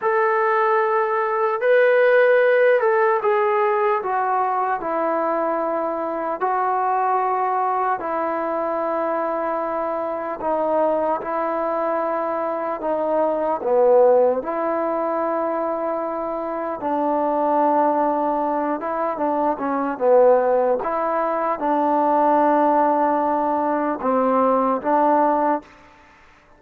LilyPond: \new Staff \with { instrumentName = "trombone" } { \time 4/4 \tempo 4 = 75 a'2 b'4. a'8 | gis'4 fis'4 e'2 | fis'2 e'2~ | e'4 dis'4 e'2 |
dis'4 b4 e'2~ | e'4 d'2~ d'8 e'8 | d'8 cis'8 b4 e'4 d'4~ | d'2 c'4 d'4 | }